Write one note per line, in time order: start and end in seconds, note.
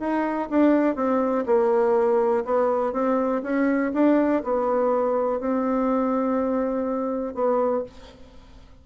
0.00 0.49 D#4
0.50 0.96 D4
0.96 1.45 C4
1.46 2.45 A#3
2.45 2.93 B3
2.93 3.42 C4
3.43 3.92 C#4
3.94 4.43 D4
4.44 5.40 B3
5.40 7.35 C4
7.35 7.84 B3